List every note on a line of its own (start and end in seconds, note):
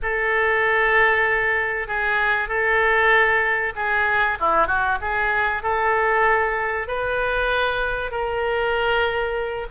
0.02 1.88 A4
1.88 2.48 G#4
2.48 3.73 A4
3.75 4.38 G#4
4.39 4.67 E4
4.67 4.98 F#4
5.01 5.62 G#4
5.62 6.87 A4
6.88 8.11 B4
8.11 9.67 A#4